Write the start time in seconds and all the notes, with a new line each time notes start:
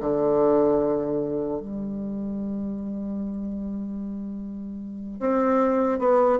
0.00 D3
1.60 G3
5.20 C4
5.99 B3